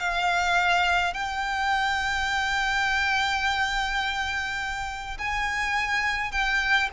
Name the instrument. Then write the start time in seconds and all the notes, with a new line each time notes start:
violin
0.00 F5
1.14 G5
5.18 G#5
6.32 G5